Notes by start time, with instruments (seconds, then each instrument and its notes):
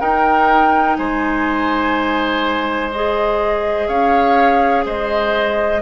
0.00 clarinet D#4, bassoon D#4, oboe A#4, flute G5
0.96 bassoon G#3, oboe C5, flute G#5
2.92 clarinet G#4, flute D#5
3.87 bassoon C#4, oboe C#5, flute F5
4.85 bassoon G#3, oboe C5, flute D#5